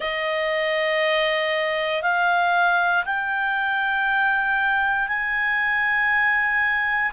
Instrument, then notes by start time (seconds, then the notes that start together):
clarinet
0.00 D#5
2.02 F5
3.05 G5
5.08 G#5